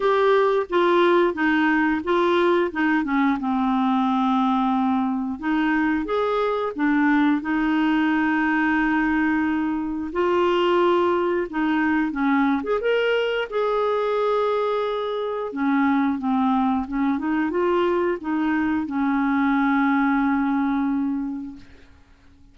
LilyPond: \new Staff \with { instrumentName = "clarinet" } { \time 4/4 \tempo 4 = 89 g'4 f'4 dis'4 f'4 | dis'8 cis'8 c'2. | dis'4 gis'4 d'4 dis'4~ | dis'2. f'4~ |
f'4 dis'4 cis'8. gis'16 ais'4 | gis'2. cis'4 | c'4 cis'8 dis'8 f'4 dis'4 | cis'1 | }